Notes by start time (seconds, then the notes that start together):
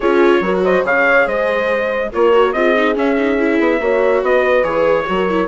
0.00 C#4 F4 G#4 C#5
0.40 F#3 F#4 A#4
0.64 C5 D#5
0.83 C#3 G#4 C#5 F5
1.26 G#3 C5 D#5
2.11 A#3 F4 A#4 C#5
2.32 F#4
2.52 C4 F4 G#4 D#5
2.76 D#4
2.94 C#4 E5
3.17 D#4
3.38 E4
3.59 B3
3.80 A#3 F#4 C#5
4.22 B3 B4 D#5
4.63 E3 G#4 C#5
5.06 F#3 F#4 A#4
5.29 E4